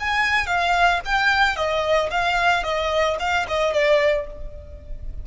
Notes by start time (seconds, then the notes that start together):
0.00 G#5
0.47 F5
1.05 G5
1.57 D#5
2.11 F5
2.64 D#5
3.20 F5
3.48 D#5
3.73 D5